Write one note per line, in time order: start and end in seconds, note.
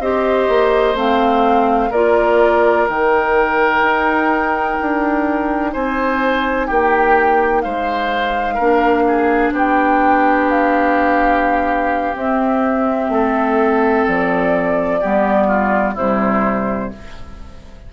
0.00 0.48 C4
0.00 0.95 G4
0.00 1.90 C5
0.00 0.96 D#5
0.49 0.94 A#3
0.94 1.89 A3
0.94 1.90 C4
0.94 1.92 F5
1.90 2.87 A#3
1.90 2.88 F4
1.90 5.71 A#4
1.90 2.87 D5
2.88 3.81 D#3
2.88 8.60 D#4
2.88 5.73 G5
3.81 4.76 D#4
4.81 5.75 D4
5.73 6.70 C4
5.73 6.67 C5
5.73 6.68 G#5
6.67 7.65 A#3
6.67 7.62 G4
6.67 7.61 G5
7.61 8.59 G#3
7.61 8.54 C5
7.61 9.52 F5
8.54 9.52 A#3
8.54 12.14 D4
8.54 9.02 A#4
9.07 9.54 G#4
9.52 12.13 B3
9.52 13.11 G4
9.52 10.50 G5
10.50 12.16 F5
12.14 15.00 C4
12.14 13.09 C4
12.14 14.07 E5
13.09 14.04 A3
13.09 15.00 A4
14.07 15.03 F3
14.07 15.97 D5
15.00 15.96 G3
15.00 15.96 B3
15.00 15.47 G4
15.47 15.94 F4
15.94 16.91 C3
15.94 16.93 G3
15.94 16.89 E4
15.94 16.92 C5